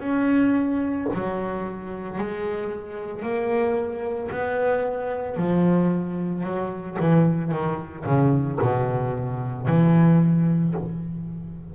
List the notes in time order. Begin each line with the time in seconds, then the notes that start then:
0.00 C#4
1.13 F#3
2.18 G#3
3.22 A#3
4.31 B3
5.37 F3
6.43 F#3
7.00 E3
7.51 D#3
8.06 C#3
8.61 B2
9.67 E3